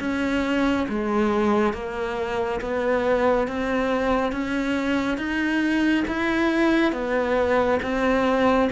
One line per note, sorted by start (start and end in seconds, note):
0.00 0.87 C#4
0.89 1.74 G#3
1.74 2.60 A#3
2.61 3.48 B3
3.48 4.32 C4
4.32 5.18 C#4
5.18 6.05 D#4
6.08 6.93 E4
6.93 7.80 B3
7.83 8.70 C4